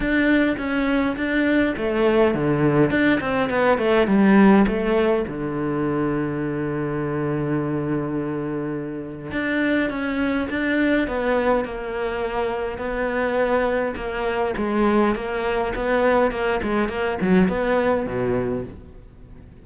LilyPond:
\new Staff \with { instrumentName = "cello" } { \time 4/4 \tempo 4 = 103 d'4 cis'4 d'4 a4 | d4 d'8 c'8 b8 a8 g4 | a4 d2.~ | d1 |
d'4 cis'4 d'4 b4 | ais2 b2 | ais4 gis4 ais4 b4 | ais8 gis8 ais8 fis8 b4 b,4 | }